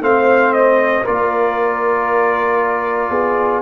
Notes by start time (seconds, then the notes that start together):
0.00 A3 C4 C5 F5
0.53 D#5
1.04 A#3 F4 A#4 D5
3.10 B3 G#4